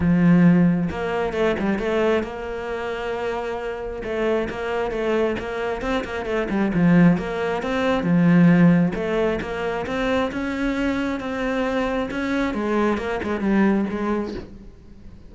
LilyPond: \new Staff \with { instrumentName = "cello" } { \time 4/4 \tempo 4 = 134 f2 ais4 a8 g8 | a4 ais2.~ | ais4 a4 ais4 a4 | ais4 c'8 ais8 a8 g8 f4 |
ais4 c'4 f2 | a4 ais4 c'4 cis'4~ | cis'4 c'2 cis'4 | gis4 ais8 gis8 g4 gis4 | }